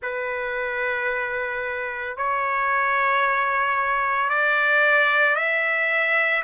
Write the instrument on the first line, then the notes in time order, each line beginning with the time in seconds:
trumpet
0.02 B4
2.16 C#5
4.29 D5
5.35 E5